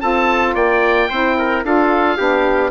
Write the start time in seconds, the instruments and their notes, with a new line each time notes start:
0.00 bassoon C4, saxophone F4, trumpet A4, oboe A5
0.55 bassoon A#3, trumpet D5, oboe G5
1.10 bassoon C4, saxophone E4, trumpet C5
1.39 trumpet A#4
1.64 bassoon D4, saxophone F4, trumpet A4, oboe F5
2.18 bassoon B3, saxophone D4, trumpet G4